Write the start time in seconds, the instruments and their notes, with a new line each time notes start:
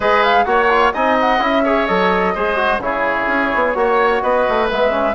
0.00 bassoon G#3, trombone G#4, oboe B4, flute D#5
0.23 flute F5
0.44 bassoon A#3, trombone F#4, oboe C#5, flute F#5
0.69 trombone F4
0.93 bassoon C4, trombone D#4, oboe D#5, flute G#5
1.20 flute F#5
1.39 bassoon C#4, trombone E4, flute E5
1.63 trombone G#4, oboe C#5
1.86 bassoon F#3, trombone A4, flute D#5
2.34 bassoon G#3, trombone G#4, oboe C5
2.56 trombone F#4
2.79 bassoon C#3, trombone E4, oboe G#4, flute C#5
3.27 bassoon C#4
3.55 bassoon B3
3.74 bassoon A#3, trombone F#4, oboe C#5
4.21 bassoon B3, oboe B4, flute D#5
4.49 bassoon A3
4.70 bassoon G#3, trombone B3, flute E5
4.90 trombone C#4